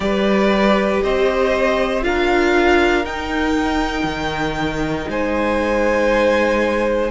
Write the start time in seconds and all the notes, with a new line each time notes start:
0.00 G3 G4 B4 D5
1.03 C4 C5 D#5
2.02 D4 F4 A#4 F5
3.05 D#4 G5
4.03 D#3
5.08 G#3 C5 G#5